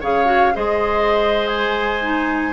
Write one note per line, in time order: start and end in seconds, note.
0.00 0.54 C#3
0.00 0.24 G#4
0.00 0.54 C#5
0.00 0.55 F5
0.24 0.51 F#4
0.54 2.53 G#3
0.54 2.01 G#4
0.54 2.53 C5
0.54 1.47 D#5
1.47 2.53 G#5
2.01 2.53 D#4